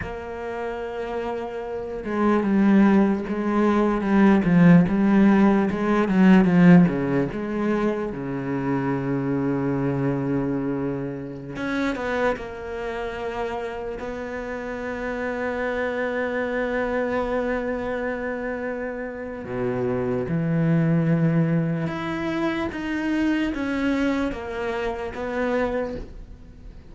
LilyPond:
\new Staff \with { instrumentName = "cello" } { \time 4/4 \tempo 4 = 74 ais2~ ais8 gis8 g4 | gis4 g8 f8 g4 gis8 fis8 | f8 cis8 gis4 cis2~ | cis2~ cis16 cis'8 b8 ais8.~ |
ais4~ ais16 b2~ b8.~ | b1 | b,4 e2 e'4 | dis'4 cis'4 ais4 b4 | }